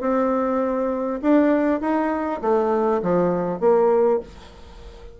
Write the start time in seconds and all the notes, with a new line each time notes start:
0.00 C4
1.21 D4
1.81 D#4
2.41 A3
3.02 F3
3.60 A#3